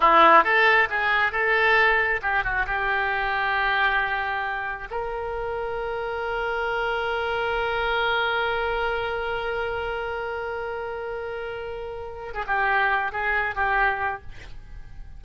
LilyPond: \new Staff \with { instrumentName = "oboe" } { \time 4/4 \tempo 4 = 135 e'4 a'4 gis'4 a'4~ | a'4 g'8 fis'8 g'2~ | g'2. ais'4~ | ais'1~ |
ais'1~ | ais'1~ | ais'2.~ ais'8. gis'16 | g'4. gis'4 g'4. | }